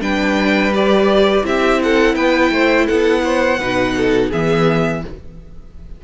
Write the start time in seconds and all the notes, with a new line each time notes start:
0.00 G3 D4 B4 G5
0.73 G4 D5
1.43 C4 E4 G4 E5
1.82 A4 F#5
2.15 B3 B4 G5
2.51 A3 C5
2.86 B3 A4 F#5
3.23 C5
3.59 B2 D#4 B4
3.97 A4
4.29 E3 B3 G#4 E5